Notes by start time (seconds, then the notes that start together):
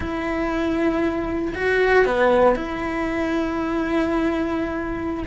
0.00 E4
1.55 F#4
2.05 B3
2.55 E4